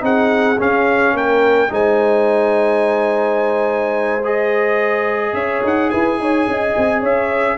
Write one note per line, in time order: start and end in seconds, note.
0.00 0.58 C4
0.00 0.56 D#4
0.00 1.15 G#4
0.00 0.61 F#5
0.59 1.69 C#4
0.59 1.14 C#4
0.59 1.17 F5
1.14 1.70 A#3
1.14 1.71 A#4
1.14 1.73 G5
1.69 5.33 G#3
1.69 4.21 D#4
1.69 5.35 C5
1.69 4.26 G#5
4.24 7.57 G#4
4.24 5.34 D#5
5.33 5.61 C#4
5.33 5.91 C#5
5.33 5.62 E5
5.64 5.92 D#4
5.64 5.90 F#5
5.90 6.18 E4
5.90 6.19 B4
5.90 7.02 G#5
6.18 6.46 D#4
6.18 6.49 C#5
6.47 6.75 C#4
6.47 7.00 D#5
6.77 7.03 C4
7.00 7.57 C#4
7.00 7.57 C#5
7.00 7.57 E5